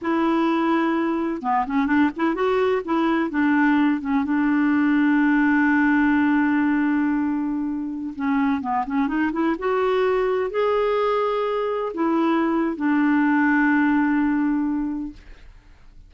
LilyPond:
\new Staff \with { instrumentName = "clarinet" } { \time 4/4 \tempo 4 = 127 e'2. b8 cis'8 | d'8 e'8 fis'4 e'4 d'4~ | d'8 cis'8 d'2.~ | d'1~ |
d'4~ d'16 cis'4 b8 cis'8 dis'8 e'16~ | e'16 fis'2 gis'4.~ gis'16~ | gis'4~ gis'16 e'4.~ e'16 d'4~ | d'1 | }